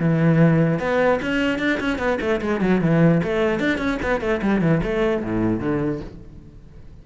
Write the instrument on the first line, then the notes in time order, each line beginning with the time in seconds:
cello
0.00 E3
0.80 B3
1.22 C#4
1.59 D4
1.80 C#4
1.99 B3
2.21 A3
2.42 G#3
2.61 F#3
2.82 E3
3.24 A3
3.60 D4
3.79 C#4
4.03 B3
4.21 A3
4.42 G3
4.62 E3
4.84 A3
5.24 A2
5.61 D3